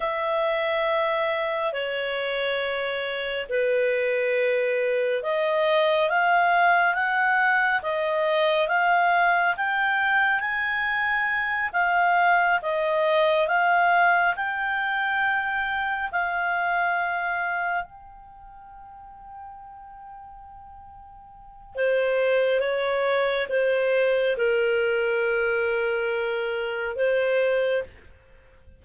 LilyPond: \new Staff \with { instrumentName = "clarinet" } { \time 4/4 \tempo 4 = 69 e''2 cis''2 | b'2 dis''4 f''4 | fis''4 dis''4 f''4 g''4 | gis''4. f''4 dis''4 f''8~ |
f''8 g''2 f''4.~ | f''8 g''2.~ g''8~ | g''4 c''4 cis''4 c''4 | ais'2. c''4 | }